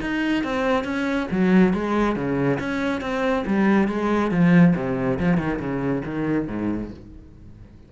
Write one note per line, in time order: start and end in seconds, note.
0.00 0.43 D#4
0.44 0.84 C4
0.84 1.27 C#4
1.31 1.73 F#3
1.73 2.15 G#3
2.15 2.58 C#3
2.59 3.01 C#4
3.01 3.44 C4
3.46 3.87 G3
3.87 4.30 G#3
4.30 4.74 F3
4.75 5.19 C3
5.19 5.37 F3
5.37 5.58 D#3
5.59 6.02 C#3
6.05 6.47 D#3
6.47 6.91 G#2